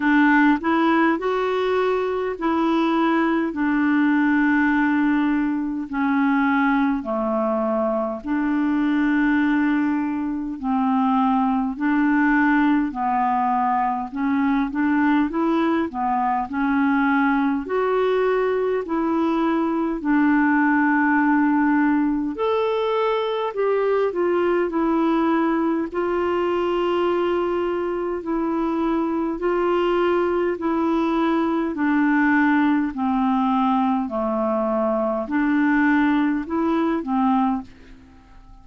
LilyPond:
\new Staff \with { instrumentName = "clarinet" } { \time 4/4 \tempo 4 = 51 d'8 e'8 fis'4 e'4 d'4~ | d'4 cis'4 a4 d'4~ | d'4 c'4 d'4 b4 | cis'8 d'8 e'8 b8 cis'4 fis'4 |
e'4 d'2 a'4 | g'8 f'8 e'4 f'2 | e'4 f'4 e'4 d'4 | c'4 a4 d'4 e'8 c'8 | }